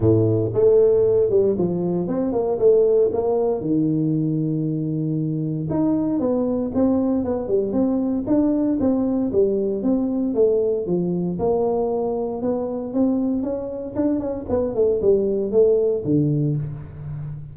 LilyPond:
\new Staff \with { instrumentName = "tuba" } { \time 4/4 \tempo 4 = 116 a,4 a4. g8 f4 | c'8 ais8 a4 ais4 dis4~ | dis2. dis'4 | b4 c'4 b8 g8 c'4 |
d'4 c'4 g4 c'4 | a4 f4 ais2 | b4 c'4 cis'4 d'8 cis'8 | b8 a8 g4 a4 d4 | }